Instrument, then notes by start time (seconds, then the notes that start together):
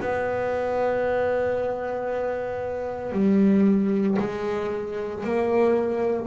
double bass
0.00 B3
3.12 G3
4.20 G#3
5.24 A#3